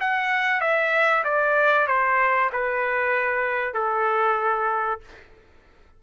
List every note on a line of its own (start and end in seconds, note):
0.00 0.60 F#5
0.60 1.23 E5
1.24 1.87 D5
1.87 2.50 C5
2.52 3.73 B4
3.73 5.00 A4